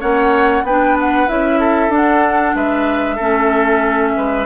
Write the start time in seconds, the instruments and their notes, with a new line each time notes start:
0.00 bassoon A#3, clarinet C#4, oboe C#5, flute F#5
0.63 bassoon B3, oboe B4, flute G5
0.69 clarinet D4
1.00 flute F#5
1.28 bassoon C#4, clarinet E4, flute E5
1.60 oboe A4
1.89 bassoon D4, clarinet D4
1.95 flute F#5
2.55 bassoon G#3, oboe B4, flute E5
3.16 bassoon A3, clarinet C#4, oboe A4
4.17 bassoon G#3, oboe B4